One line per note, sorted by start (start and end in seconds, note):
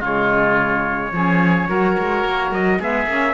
0.00 1.12 C#3
0.00 1.12 G#3
0.00 1.11 F4
0.00 2.53 C#5
1.12 1.68 F3
1.12 1.69 C#4
1.12 1.69 G#4
1.69 1.98 F#3
1.69 2.80 F#4
1.69 2.80 A#4
1.98 2.25 G#3
2.25 2.51 A#3
2.51 2.79 F#3
2.51 2.81 D#5
2.80 3.07 G#3
2.80 3.08 B3
2.80 3.34 G#4
2.80 3.34 E5
3.07 3.34 A#3
3.07 3.34 C#4